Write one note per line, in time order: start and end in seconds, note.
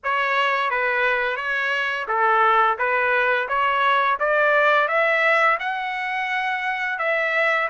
0.03 0.70 C#5
0.70 1.36 B4
1.36 2.06 C#5
2.07 2.77 A4
2.78 3.48 B4
3.48 4.18 C#5
4.19 4.88 D5
4.88 5.58 E5
5.59 6.99 F#5
6.99 7.68 E5